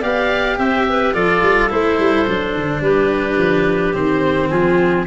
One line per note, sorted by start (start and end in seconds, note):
0.00 0.58 B3
0.00 1.13 G4
0.00 0.56 D5
0.00 0.58 F5
0.57 1.14 C4
0.57 0.85 C5
0.57 1.14 E5
0.89 1.14 B4
1.13 1.42 F3
1.13 1.69 F4
1.13 2.82 A4
1.13 1.70 D5
1.42 1.70 G3
1.70 1.98 A3
1.70 2.26 E4
1.70 2.83 C5
1.98 2.27 G3
2.27 2.55 F#3
2.27 3.93 D4
2.55 2.81 D3
2.81 3.37 G3
2.81 4.49 G4
2.81 3.95 B4
3.37 3.93 F3
3.93 4.51 D#3
3.93 5.06 C4
3.93 4.50 C5
4.49 5.07 F3
4.49 5.05 F4
4.49 5.06 G#4